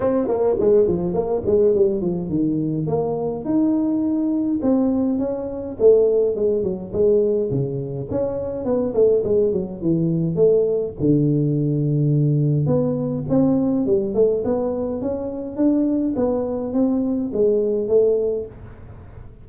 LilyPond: \new Staff \with { instrumentName = "tuba" } { \time 4/4 \tempo 4 = 104 c'8 ais8 gis8 f8 ais8 gis8 g8 f8 | dis4 ais4 dis'2 | c'4 cis'4 a4 gis8 fis8 | gis4 cis4 cis'4 b8 a8 |
gis8 fis8 e4 a4 d4~ | d2 b4 c'4 | g8 a8 b4 cis'4 d'4 | b4 c'4 gis4 a4 | }